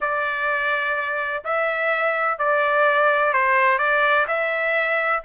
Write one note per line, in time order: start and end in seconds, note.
0.00 1.43 D5
1.44 2.38 E5
2.38 3.33 D5
3.33 3.78 C5
3.78 4.26 D5
4.27 5.22 E5